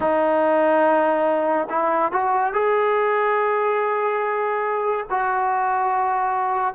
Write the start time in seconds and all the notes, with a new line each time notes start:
0.00 D#4
1.69 E4
2.12 F#4
2.53 G#4
5.09 F#4